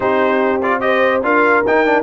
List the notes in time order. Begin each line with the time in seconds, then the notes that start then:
0.00 C4 D#4 G4 C5
0.62 F4 D5
0.80 G4 C5 D#5
1.22 D4 F4 A#4 F5
1.66 D#4 G5
1.85 D4